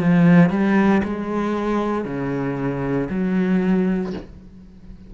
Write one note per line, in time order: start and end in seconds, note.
0.00 0.50 F3
0.50 1.02 G3
1.04 2.05 G#3
2.05 3.08 C#3
3.10 4.13 F#3